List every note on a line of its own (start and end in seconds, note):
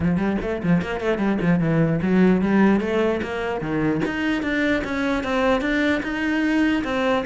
0.00 0.17 F3
0.17 0.37 G3
0.41 0.62 A3
0.63 0.81 F3
0.81 1.00 A#3
1.00 1.18 A3
1.18 1.38 G3
1.41 1.59 F3
1.59 2.00 E3
2.02 2.41 F#3
2.41 2.80 G3
2.80 3.20 A3
3.22 3.60 A#3
3.60 4.01 D#3
4.05 4.42 D#4
4.42 4.82 D4
4.84 5.23 C#4
5.23 5.61 C4
5.61 6.01 D4
6.02 6.83 D#4
6.84 7.24 C4